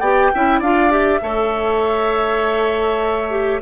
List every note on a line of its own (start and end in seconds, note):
0.00 0.30 B3
0.00 0.33 G4
0.00 0.30 D5
0.00 0.60 G5
0.35 0.60 C#4
0.35 0.64 E4
0.35 0.60 E5
0.60 1.21 D4
0.60 0.90 F4
0.60 1.20 D5
0.60 0.92 F5
0.90 1.20 G4
0.90 3.62 E5
1.22 3.62 A3
1.22 3.30 A4
1.22 3.62 C#5
3.30 3.60 G4